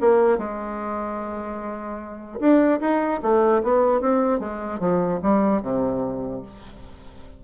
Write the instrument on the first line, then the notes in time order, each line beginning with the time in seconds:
bassoon
0.00 A#3
0.38 G#3
2.40 D4
2.80 D#4
3.22 A3
3.62 B3
4.01 C4
4.40 G#3
4.80 F3
5.22 G3
5.62 C3